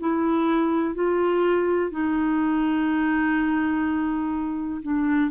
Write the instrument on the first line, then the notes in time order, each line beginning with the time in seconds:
clarinet
0.00 E4
0.95 F4
1.91 D#4
4.82 D4